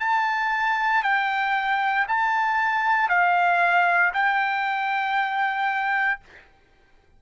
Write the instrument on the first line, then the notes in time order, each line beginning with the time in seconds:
trumpet
0.00 A5
1.03 G5
2.08 A5
3.09 F5
4.13 G5